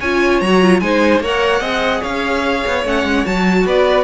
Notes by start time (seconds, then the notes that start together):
0.00 C#4 F4 C#5 G#5
0.41 F#3 F#4 A#5
0.62 F4
0.80 G#3 D#4 C5 G#5
1.20 A#3 A#4 C#5 F#5
1.61 C4 G#4 D#5
2.01 C#4 C#5 F5
2.67 B3
2.85 A3 C#4 F#5
3.04 G#3
3.26 F#3 F#4 A5
3.66 B3 B4 D5